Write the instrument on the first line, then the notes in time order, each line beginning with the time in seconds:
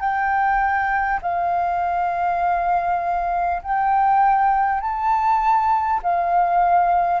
flute
0.00 G5
1.22 F5
3.62 G5
4.80 A5
6.02 F5